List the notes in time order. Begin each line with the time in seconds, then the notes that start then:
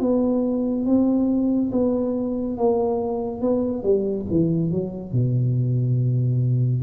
0.00 B3
0.85 C4
1.72 B3
2.58 A#3
3.41 B3
3.83 G3
4.30 E3
4.71 F#3
5.12 B2